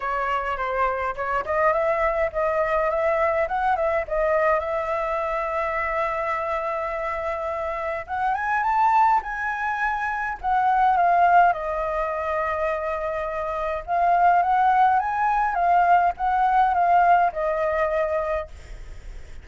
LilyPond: \new Staff \with { instrumentName = "flute" } { \time 4/4 \tempo 4 = 104 cis''4 c''4 cis''8 dis''8 e''4 | dis''4 e''4 fis''8 e''8 dis''4 | e''1~ | e''2 fis''8 gis''8 a''4 |
gis''2 fis''4 f''4 | dis''1 | f''4 fis''4 gis''4 f''4 | fis''4 f''4 dis''2 | }